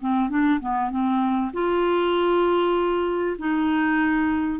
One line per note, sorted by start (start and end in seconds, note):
0.00 0.29 C4
0.29 0.60 D4
0.60 0.90 B3
0.90 1.52 C4
1.53 3.37 F4
3.38 4.60 D#4